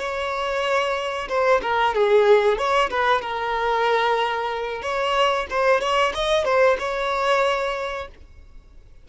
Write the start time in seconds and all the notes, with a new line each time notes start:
0.00 C#5
1.29 C5
1.62 A#4
1.95 G#4
2.58 C#5
2.91 B4
3.22 A#4
4.83 C#5
5.51 C5
5.81 C#5
6.15 D#5
6.45 C5
6.79 C#5